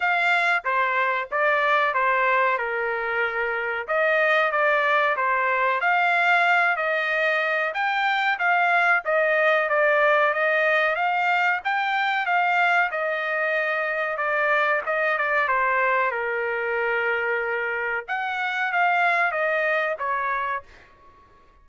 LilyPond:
\new Staff \with { instrumentName = "trumpet" } { \time 4/4 \tempo 4 = 93 f''4 c''4 d''4 c''4 | ais'2 dis''4 d''4 | c''4 f''4. dis''4. | g''4 f''4 dis''4 d''4 |
dis''4 f''4 g''4 f''4 | dis''2 d''4 dis''8 d''8 | c''4 ais'2. | fis''4 f''4 dis''4 cis''4 | }